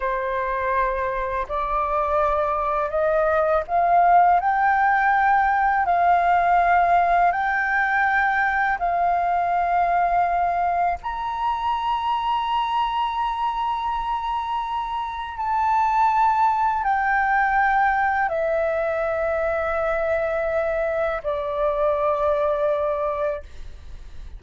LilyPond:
\new Staff \with { instrumentName = "flute" } { \time 4/4 \tempo 4 = 82 c''2 d''2 | dis''4 f''4 g''2 | f''2 g''2 | f''2. ais''4~ |
ais''1~ | ais''4 a''2 g''4~ | g''4 e''2.~ | e''4 d''2. | }